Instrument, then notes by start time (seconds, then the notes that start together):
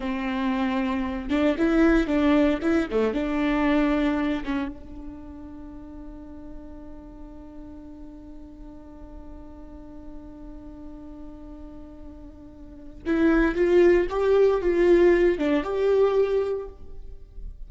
viola
0.00 C4
1.29 D4
1.58 E4
2.07 D4
2.62 E4
2.90 A3
3.13 D4
4.44 C#4
4.68 D4
13.06 E4
13.55 F4
14.09 G4
14.61 F4
15.38 D4
15.63 G4